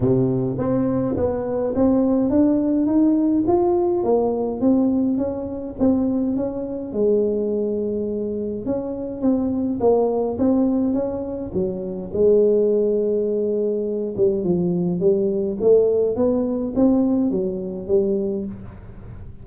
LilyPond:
\new Staff \with { instrumentName = "tuba" } { \time 4/4 \tempo 4 = 104 c4 c'4 b4 c'4 | d'4 dis'4 f'4 ais4 | c'4 cis'4 c'4 cis'4 | gis2. cis'4 |
c'4 ais4 c'4 cis'4 | fis4 gis2.~ | gis8 g8 f4 g4 a4 | b4 c'4 fis4 g4 | }